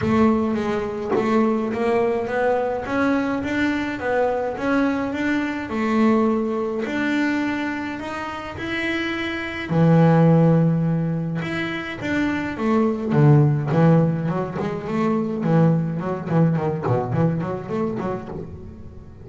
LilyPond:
\new Staff \with { instrumentName = "double bass" } { \time 4/4 \tempo 4 = 105 a4 gis4 a4 ais4 | b4 cis'4 d'4 b4 | cis'4 d'4 a2 | d'2 dis'4 e'4~ |
e'4 e2. | e'4 d'4 a4 d4 | e4 fis8 gis8 a4 e4 | fis8 e8 dis8 b,8 e8 fis8 a8 fis8 | }